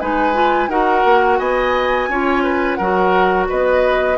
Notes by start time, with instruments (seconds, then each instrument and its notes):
0.00 bassoon G#3, clarinet D#4, oboe B4, flute G#5
0.33 clarinet F4
0.68 bassoon D#4, clarinet F#4, oboe A#4, flute F#5
1.05 bassoon A#3
1.39 bassoon B3, oboe D#5, flute G#5
2.08 bassoon C#4, clarinet F4, oboe C#5
2.43 oboe B4
2.75 bassoon F#3, clarinet F#4, oboe A#4, flute F#5
3.49 bassoon B3, oboe B4, flute D#5